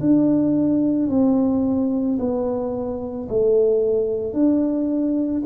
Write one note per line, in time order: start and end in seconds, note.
0.00 1.09 D4
1.09 2.18 C4
2.19 3.28 B3
3.29 4.33 A3
4.33 5.42 D4